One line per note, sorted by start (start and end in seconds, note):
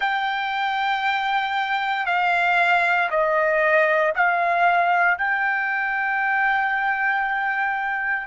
0.00 2.05 G5
2.05 3.09 F5
3.10 4.13 D#5
4.15 5.18 F5
5.18 8.27 G5